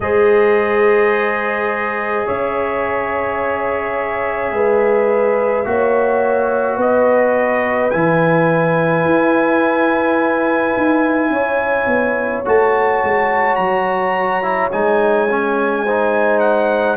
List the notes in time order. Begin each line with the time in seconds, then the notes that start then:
0.00 G#3 G#4 C5 D#5
2.26 C#4 C#5 E5
4.51 G#3 B4
5.64 A#3 F#4 C#5
6.76 B3 B4 D#5
7.90 E3 E4 G#5
9.04 E4
10.76 D#4
11.29 C#4 C#5
11.86 B3
12.45 A3 F#4 A5
13.03 G#3
13.55 F#3 A#5
14.42 E4
14.71 G#3 D#4 G#5
15.29 C#4
15.84 D#4 C5
16.39 F#5